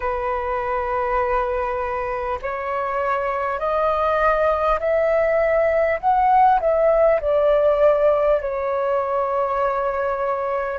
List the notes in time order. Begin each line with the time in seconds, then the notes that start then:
0.00 B4
2.42 C#5
3.59 D#5
4.79 E5
5.99 F#5
6.60 E5
7.20 D5
8.41 C#5